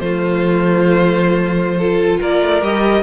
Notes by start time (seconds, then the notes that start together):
0.00 F3 A3 F4 C5
1.79 F4 A4
2.20 A#3 A#4 D5
2.42 A3
2.62 G3 G4 D#5